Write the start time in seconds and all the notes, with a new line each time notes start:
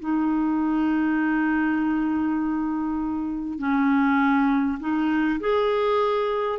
0.00 D#4
3.59 C#4
4.80 D#4
5.41 G#4